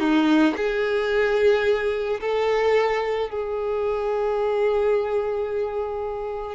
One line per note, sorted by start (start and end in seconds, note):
0.00 0.55 D#4
0.57 2.20 G#4
2.21 3.30 A4
3.30 6.55 G#4